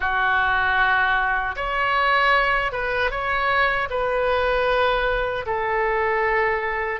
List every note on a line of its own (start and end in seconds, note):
0.00 1.55 F#4
1.55 2.72 C#5
2.72 3.10 B4
3.10 3.88 C#5
3.90 5.45 B4
5.45 7.00 A4